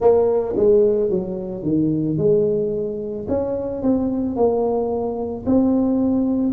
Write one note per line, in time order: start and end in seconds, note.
0.00 0.55 A#3
0.56 1.10 G#3
1.10 1.63 F#3
1.63 2.17 D#3
2.17 3.26 G#3
3.28 3.82 C#4
3.82 4.35 C4
4.35 5.44 A#3
5.45 6.53 C4